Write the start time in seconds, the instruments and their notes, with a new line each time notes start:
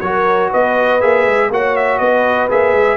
0.00 tuba F#3, trombone F#4, trumpet C#5
0.06 horn A#4
0.50 tuba B3, horn B4, trumpet D#5
1.00 tuba A#3, trombone G#4, trumpet E5
1.25 tuba G#3
1.50 tuba A#3, trombone F#4, horn C#5, trumpet F#5
1.76 trumpet E5
1.98 tuba B3, horn B4, trumpet D#5
2.49 tuba A#3, trombone G#4, trumpet E5
2.72 tuba G#3